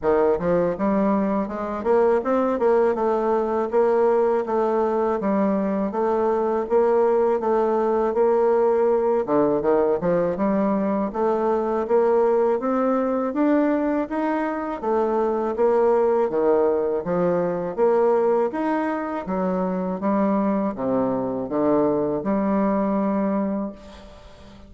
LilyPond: \new Staff \with { instrumentName = "bassoon" } { \time 4/4 \tempo 4 = 81 dis8 f8 g4 gis8 ais8 c'8 ais8 | a4 ais4 a4 g4 | a4 ais4 a4 ais4~ | ais8 d8 dis8 f8 g4 a4 |
ais4 c'4 d'4 dis'4 | a4 ais4 dis4 f4 | ais4 dis'4 fis4 g4 | c4 d4 g2 | }